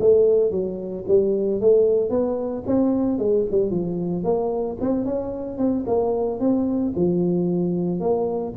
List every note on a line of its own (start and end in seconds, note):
0.00 0.51 A3
0.51 1.05 F#3
1.08 1.60 G3
1.60 2.10 A3
2.10 2.63 B3
2.67 3.19 C4
3.19 3.46 G#3
3.51 3.71 G3
3.71 4.24 F3
4.24 4.77 A#3
4.81 5.05 C4
5.05 5.58 C#4
5.58 5.85 C4
5.87 6.40 A#3
6.40 6.93 C4
6.96 8.00 F3
8.00 8.54 A#3